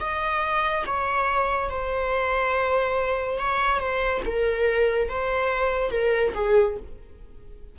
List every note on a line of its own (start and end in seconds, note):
0.00 0.85 D#5
0.86 1.70 C#5
1.70 3.39 C5
3.39 3.80 C#5
3.80 4.22 C5
4.26 5.09 A#4
5.09 5.91 C5
5.91 6.33 A#4
6.35 6.77 G#4